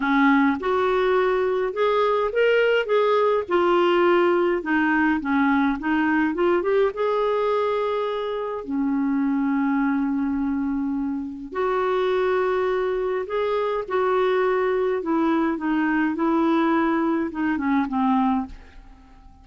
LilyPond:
\new Staff \with { instrumentName = "clarinet" } { \time 4/4 \tempo 4 = 104 cis'4 fis'2 gis'4 | ais'4 gis'4 f'2 | dis'4 cis'4 dis'4 f'8 g'8 | gis'2. cis'4~ |
cis'1 | fis'2. gis'4 | fis'2 e'4 dis'4 | e'2 dis'8 cis'8 c'4 | }